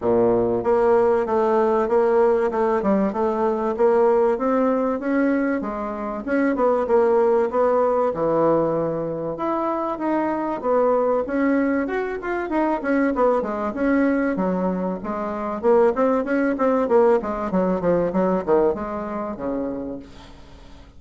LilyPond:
\new Staff \with { instrumentName = "bassoon" } { \time 4/4 \tempo 4 = 96 ais,4 ais4 a4 ais4 | a8 g8 a4 ais4 c'4 | cis'4 gis4 cis'8 b8 ais4 | b4 e2 e'4 |
dis'4 b4 cis'4 fis'8 f'8 | dis'8 cis'8 b8 gis8 cis'4 fis4 | gis4 ais8 c'8 cis'8 c'8 ais8 gis8 | fis8 f8 fis8 dis8 gis4 cis4 | }